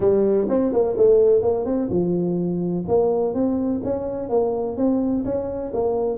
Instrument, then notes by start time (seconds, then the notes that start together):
tuba
0.00 G3
0.49 C4
0.72 A#3
0.97 A3
1.42 A#3
1.65 C4
1.89 F3
2.87 A#3
3.34 C4
3.83 C#4
4.29 A#3
4.76 C4
5.24 C#4
5.73 A#3